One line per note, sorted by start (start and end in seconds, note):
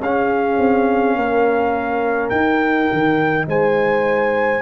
0.00 0.58 C#4
0.00 2.34 C#4
0.00 1.18 G#4
0.00 2.30 F5
0.58 1.16 C4
1.16 2.31 A#3
1.16 3.48 A#4
2.30 2.89 D#4
2.30 4.62 D#4
2.30 3.45 G5
2.93 3.47 D#3
3.47 4.62 G#3
3.47 4.62 C5
3.47 4.62 G#5